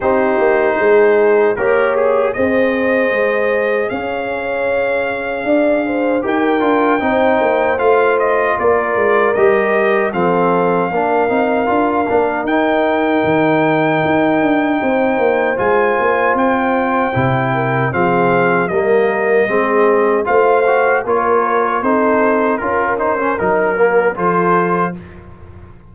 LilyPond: <<
  \new Staff \with { instrumentName = "trumpet" } { \time 4/4 \tempo 4 = 77 c''2 ais'8 gis'8 dis''4~ | dis''4 f''2. | g''2 f''8 dis''8 d''4 | dis''4 f''2. |
g''1 | gis''4 g''2 f''4 | dis''2 f''4 cis''4 | c''4 ais'8 c''8 ais'4 c''4 | }
  \new Staff \with { instrumentName = "horn" } { \time 4/4 g'4 gis'4 cis''4 c''4~ | c''4 cis''2 d''8 c''8 | ais'4 c''2 ais'4~ | ais'4 a'4 ais'2~ |
ais'2. c''4~ | c''2~ c''8 ais'8 gis'4 | ais'4 gis'4 c''4 ais'4 | a'4 ais'2 a'4 | }
  \new Staff \with { instrumentName = "trombone" } { \time 4/4 dis'2 g'4 gis'4~ | gis'1 | g'8 f'8 dis'4 f'2 | g'4 c'4 d'8 dis'8 f'8 d'8 |
dis'1 | f'2 e'4 c'4 | ais4 c'4 f'8 fis'8 f'4 | dis'4 f'8 dis'16 cis'16 dis'8 ais8 f'4 | }
  \new Staff \with { instrumentName = "tuba" } { \time 4/4 c'8 ais8 gis4 ais4 c'4 | gis4 cis'2 d'4 | dis'8 d'8 c'8 ais8 a4 ais8 gis8 | g4 f4 ais8 c'8 d'8 ais8 |
dis'4 dis4 dis'8 d'8 c'8 ais8 | gis8 ais8 c'4 c4 f4 | g4 gis4 a4 ais4 | c'4 cis'4 fis4 f4 | }
>>